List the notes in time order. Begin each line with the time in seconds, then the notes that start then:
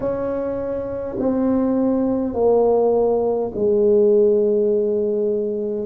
0.00 C#4
1.19 C4
2.34 A#3
3.54 G#3